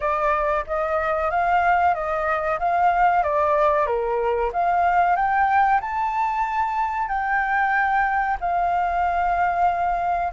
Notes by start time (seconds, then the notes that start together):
0.00 D5
0.66 D#5
1.30 F5
1.94 D#5
2.59 F5
3.23 D5
3.86 A#4
4.52 F5
5.16 G5
5.80 A5
7.08 G5
8.40 F5